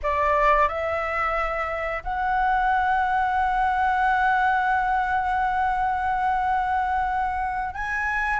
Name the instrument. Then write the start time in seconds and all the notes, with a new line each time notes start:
flute
0.02 D5
0.68 E5
2.03 F#5
7.74 G#5